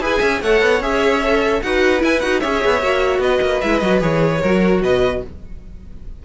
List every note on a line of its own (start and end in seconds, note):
0.00 0.20 E4
0.00 0.41 G#4
0.00 0.19 B4
0.00 0.42 G#5
0.19 0.42 C#4
0.19 0.39 E5
0.42 0.61 A3
0.42 0.82 A4
0.42 1.63 C#5
0.42 0.82 F#5
0.61 0.80 B3
0.80 1.60 C#4
0.80 1.22 G#4
0.80 1.62 E5
1.23 1.63 A4
1.62 2.03 D#4
1.62 1.99 F#4
1.62 2.40 B4
1.62 2.02 F#5
1.99 2.19 E4
1.99 2.23 E4
1.99 2.20 G#5
2.20 2.43 D#4
2.20 2.42 F#4
2.20 2.40 F#5
2.40 2.64 C#4
2.40 2.82 G#4
2.40 3.20 C#5
2.40 3.20 E5
2.64 2.82 B3
2.82 3.19 A#3
2.82 3.62 F#4
3.19 3.39 B3
3.19 4.41 B4
3.19 3.61 D#5
3.42 3.62 A#3
3.61 3.82 G#3
3.61 3.82 E4
3.61 3.79 E5
3.79 4.02 F#3
3.79 4.00 F#4
3.79 3.99 D#5
4.00 4.42 E3
4.00 4.40 G#4
4.00 4.82 C#5
4.41 4.81 F#3
4.41 5.25 F#4
4.41 4.81 A#4
4.81 5.21 B2
4.81 5.23 B4
4.81 5.22 D#5